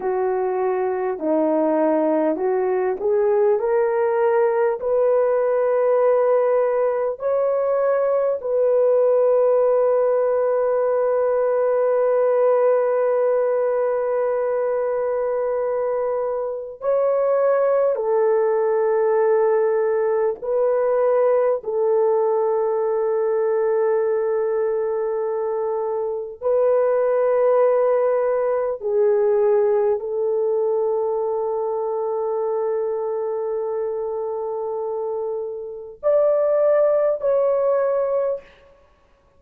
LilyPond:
\new Staff \with { instrumentName = "horn" } { \time 4/4 \tempo 4 = 50 fis'4 dis'4 fis'8 gis'8 ais'4 | b'2 cis''4 b'4~ | b'1~ | b'2 cis''4 a'4~ |
a'4 b'4 a'2~ | a'2 b'2 | gis'4 a'2.~ | a'2 d''4 cis''4 | }